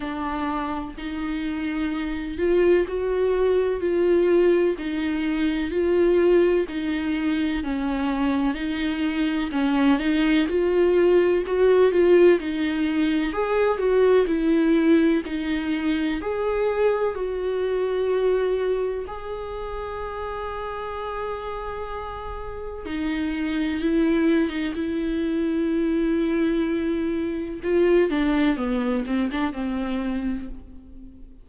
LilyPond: \new Staff \with { instrumentName = "viola" } { \time 4/4 \tempo 4 = 63 d'4 dis'4. f'8 fis'4 | f'4 dis'4 f'4 dis'4 | cis'4 dis'4 cis'8 dis'8 f'4 | fis'8 f'8 dis'4 gis'8 fis'8 e'4 |
dis'4 gis'4 fis'2 | gis'1 | dis'4 e'8. dis'16 e'2~ | e'4 f'8 d'8 b8 c'16 d'16 c'4 | }